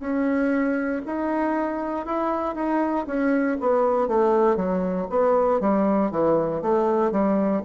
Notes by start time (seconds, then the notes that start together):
0.00 C#4
1.06 D#4
2.06 E4
2.55 D#4
3.07 C#4
3.60 B3
4.08 A3
4.57 F#3
5.10 B3
5.60 G3
6.11 E3
6.62 A3
7.11 G3